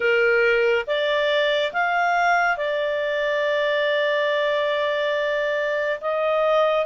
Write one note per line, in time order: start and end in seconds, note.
0.00 0.85 A#4
0.86 1.72 D5
1.72 2.57 F5
2.57 6.00 D5
6.00 6.85 D#5